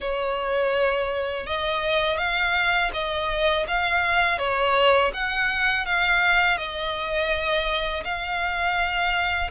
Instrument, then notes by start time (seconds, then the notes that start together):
violin
0.00 C#5
1.46 D#5
2.17 F5
2.93 D#5
3.67 F5
4.38 C#5
5.13 F#5
5.85 F5
6.57 D#5
8.04 F5